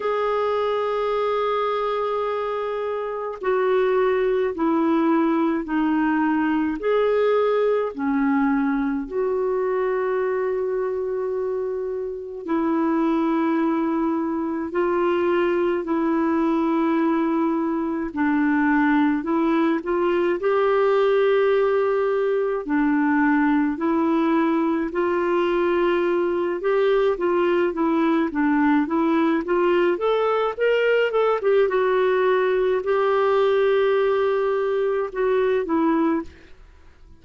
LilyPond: \new Staff \with { instrumentName = "clarinet" } { \time 4/4 \tempo 4 = 53 gis'2. fis'4 | e'4 dis'4 gis'4 cis'4 | fis'2. e'4~ | e'4 f'4 e'2 |
d'4 e'8 f'8 g'2 | d'4 e'4 f'4. g'8 | f'8 e'8 d'8 e'8 f'8 a'8 ais'8 a'16 g'16 | fis'4 g'2 fis'8 e'8 | }